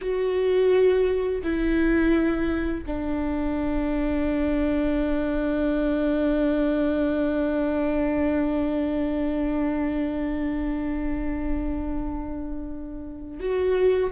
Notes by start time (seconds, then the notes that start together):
0.01 F#4
1.43 E4
2.86 D4
13.39 F#4